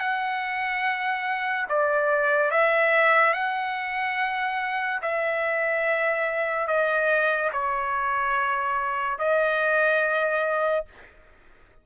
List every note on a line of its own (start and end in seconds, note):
0.00 1.67 F#5
1.69 2.51 D5
2.51 3.34 E5
3.34 5.00 F#5
5.02 6.67 E5
6.67 7.51 D#5
7.53 9.19 C#5
9.19 10.86 D#5